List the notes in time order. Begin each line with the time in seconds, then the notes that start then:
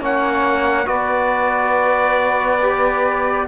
0.00 A#3 C#4 C#5 F#5
0.86 B3 F#4 B4 D5
2.62 G4